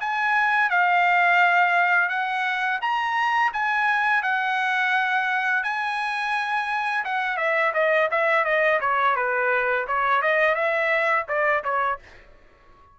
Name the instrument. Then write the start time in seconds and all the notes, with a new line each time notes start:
trumpet
0.00 G#5
0.70 F5
2.09 F#5
2.81 A#5
3.53 G#5
4.23 F#5
5.63 G#5
7.05 F#5
7.37 E5
7.74 D#5
8.11 E5
8.44 D#5
8.80 C#5
9.16 B4
9.87 C#5
10.22 D#5
10.55 E5
11.28 D5
11.64 C#5